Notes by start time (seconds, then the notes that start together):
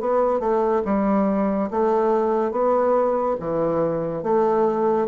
0.00 B3
0.40 A3
0.85 G3
1.71 A3
2.51 B3
3.40 E3
4.23 A3